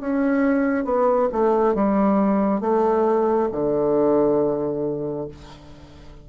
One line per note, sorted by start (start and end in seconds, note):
0.00 0.85 C#4
0.85 1.29 B3
1.32 1.75 A3
1.75 2.61 G3
2.61 3.49 A3
3.52 5.28 D3